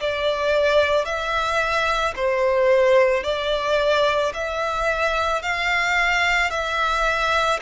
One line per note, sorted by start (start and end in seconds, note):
0.00 1.05 D5
1.05 2.14 E5
2.16 3.23 C5
3.23 4.32 D5
4.34 5.42 E5
5.42 6.50 F5
6.50 7.59 E5